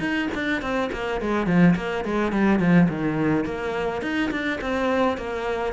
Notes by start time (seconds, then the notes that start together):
0.00 D#4
0.35 D4
0.62 C4
0.92 A#3
1.21 G#3
1.47 F3
1.76 A#3
2.05 G#3
2.32 G3
2.59 F3
2.89 D#3
3.45 A#3
4.02 D#4
4.31 D4
4.61 C4
5.18 A#3